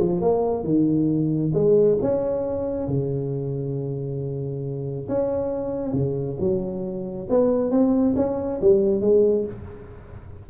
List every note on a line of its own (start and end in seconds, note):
0.00 0.21 F3
0.21 0.64 A#3
0.64 1.52 D#3
1.54 1.99 G#3
2.02 2.88 C#4
2.88 5.08 C#3
5.09 5.93 C#4
5.93 6.37 C#3
6.40 7.28 F#3
7.30 7.71 B3
7.71 8.15 C4
8.16 8.60 C#4
8.61 9.01 G3
9.01 9.45 G#3